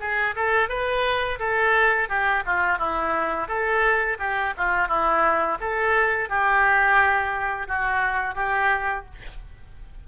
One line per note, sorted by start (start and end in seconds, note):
0.00 0.35 G#4
0.36 0.69 A4
0.69 1.39 B4
1.39 2.09 A4
2.09 2.44 G4
2.46 2.78 F4
2.78 3.48 E4
3.48 4.18 A4
4.19 4.53 G4
4.57 4.88 F4
4.88 5.58 E4
5.60 6.29 A4
6.29 7.67 G4
7.67 8.35 F#4
8.35 9.05 G4